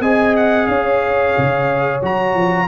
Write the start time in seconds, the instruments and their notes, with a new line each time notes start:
0.00 tuba C4, trombone G#4, horn D#5, trumpet G#5
0.36 trumpet F#5
0.66 tuba C#4, horn C#5, trumpet F5
1.37 tuba C#3
2.02 tuba F#3, trombone F#4, trumpet A#5
2.35 tuba F3